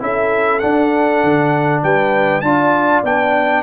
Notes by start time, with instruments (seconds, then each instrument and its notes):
0.00 tuba C#4, trombone E4, horn A4, trumpet E5
0.59 trombone D4, tuba D4, trumpet F#5
1.24 tuba D3
1.83 tuba G3, horn B4, trumpet G5
2.41 tuba D4, trombone F4, horn D5, trumpet A5
3.04 tuba B3, trombone D4, trumpet G5